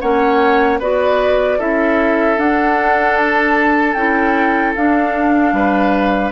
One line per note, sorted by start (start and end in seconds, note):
0.00 0.80 A#3
0.00 0.80 C#4
0.00 0.79 C#5
0.00 0.79 F#5
0.79 1.59 B3
0.79 1.59 F#4
0.79 1.58 B4
0.79 1.60 D5
1.58 2.38 C#4
1.58 2.37 E4
1.58 5.53 A4
1.58 2.39 E5
2.37 3.95 D4
2.37 3.16 F#5
3.16 3.94 A5
3.94 4.74 C#4
3.94 4.75 E4
3.94 4.73 G5
4.75 5.52 D4
4.75 6.32 D4
4.75 6.32 F5
5.52 6.31 G3
5.52 6.32 B4